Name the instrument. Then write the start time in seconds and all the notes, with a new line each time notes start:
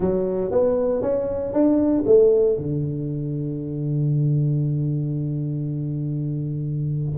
tuba
0.00 F#3
0.51 B3
1.01 C#4
1.53 D4
2.06 A3
2.57 D3